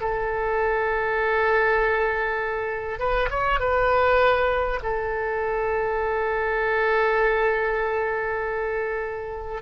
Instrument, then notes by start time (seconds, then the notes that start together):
oboe
0.00 A4
2.99 B4
3.29 C#5
3.59 B4
4.83 A4